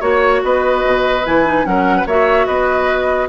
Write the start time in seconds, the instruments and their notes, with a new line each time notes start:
0.00 bassoon A#3, clarinet F#4, oboe C#5, flute C#5
0.43 bassoon B3, oboe B4, flute D#5
0.85 bassoon B2
1.25 bassoon E3, clarinet E4, flute G#5
1.45 clarinet D#4
1.64 bassoon F#3, clarinet C#4, oboe A#4, flute F#5
1.96 oboe B4
2.05 bassoon A#3, clarinet F#4, oboe C#5, flute E5
2.46 bassoon B3, oboe B4, flute D#5